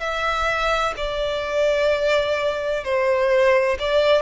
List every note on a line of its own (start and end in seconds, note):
0.00 0.94 E5
0.97 2.84 D5
2.84 3.78 C5
3.79 4.22 D5